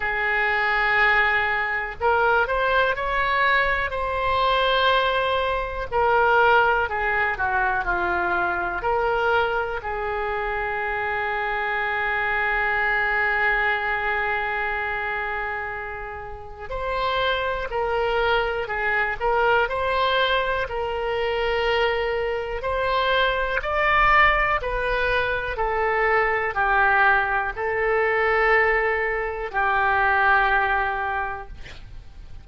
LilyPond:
\new Staff \with { instrumentName = "oboe" } { \time 4/4 \tempo 4 = 61 gis'2 ais'8 c''8 cis''4 | c''2 ais'4 gis'8 fis'8 | f'4 ais'4 gis'2~ | gis'1~ |
gis'4 c''4 ais'4 gis'8 ais'8 | c''4 ais'2 c''4 | d''4 b'4 a'4 g'4 | a'2 g'2 | }